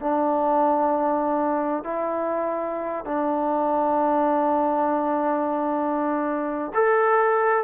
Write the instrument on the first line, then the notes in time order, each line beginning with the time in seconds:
trombone
0.00 D4
1.84 E4
3.04 D4
6.74 A4